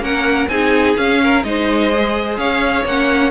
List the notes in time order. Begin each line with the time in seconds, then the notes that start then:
0.00 A#3 C#4 A#4 F#5
0.48 C4 D#4 G#4 G#5
0.96 C#4 F5
1.23 A#4
1.44 G#3 D#4 C5 D#5
1.92 G#4
2.38 C#4 C#5 F5
2.85 A#3 C#4 F#5